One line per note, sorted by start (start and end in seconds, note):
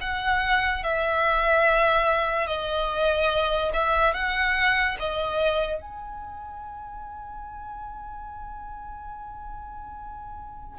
0.00 0.83 F#5
0.83 2.47 E5
2.47 3.72 D#5
3.73 4.14 E5
4.14 4.97 F#5
4.99 5.81 D#5
5.81 10.78 G#5